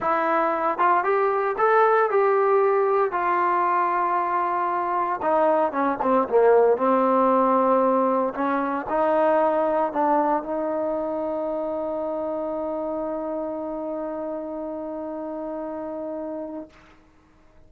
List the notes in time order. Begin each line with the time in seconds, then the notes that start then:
0.00 E4
0.78 F4
1.03 G4
1.58 A4
2.10 G4
3.11 F4
5.22 D#4
5.72 C#4
6.01 C4
6.28 A#3
6.77 C4
8.34 C#4
8.89 D#4
9.92 D4
10.43 D#4